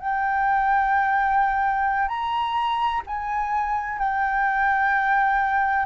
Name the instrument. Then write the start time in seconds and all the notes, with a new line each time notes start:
flute
0.00 G5
2.08 A#5
3.07 G#5
3.99 G5